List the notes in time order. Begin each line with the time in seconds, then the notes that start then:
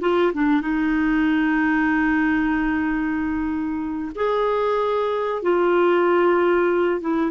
0.00 F4
0.33 D4
0.61 D#4
4.15 G#4
5.42 F4
7.00 E4